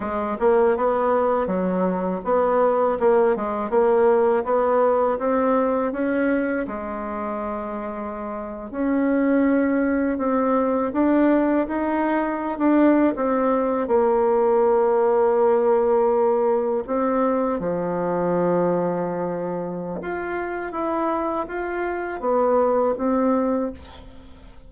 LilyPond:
\new Staff \with { instrumentName = "bassoon" } { \time 4/4 \tempo 4 = 81 gis8 ais8 b4 fis4 b4 | ais8 gis8 ais4 b4 c'4 | cis'4 gis2~ gis8. cis'16~ | cis'4.~ cis'16 c'4 d'4 dis'16~ |
dis'4 d'8. c'4 ais4~ ais16~ | ais2~ ais8. c'4 f16~ | f2. f'4 | e'4 f'4 b4 c'4 | }